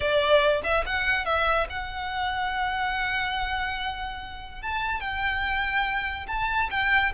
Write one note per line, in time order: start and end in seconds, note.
0.00 0.61 D5
0.63 0.84 E5
0.86 1.25 F#5
1.25 1.67 E5
1.69 4.62 F#5
4.62 5.00 A5
5.00 6.26 G5
6.27 6.69 A5
6.70 7.12 G5